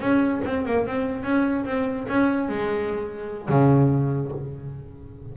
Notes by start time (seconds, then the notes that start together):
0.00 C#4
0.45 C4
0.66 A#3
0.87 C4
1.24 C#4
1.66 C4
2.09 C#4
2.49 G#3
3.49 C#3